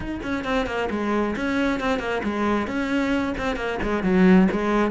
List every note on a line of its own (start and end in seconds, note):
0.00 0.20 D#4
0.22 0.44 C#4
0.44 0.66 C4
0.66 0.88 A#3
0.90 1.35 G#3
1.36 1.80 C#4
1.80 1.99 C4
1.99 2.21 A#3
2.23 2.67 G#3
2.67 3.34 C#4
3.37 3.56 C4
3.56 3.78 A#3
3.82 4.03 G#3
4.03 4.48 F#3
4.51 4.90 G#3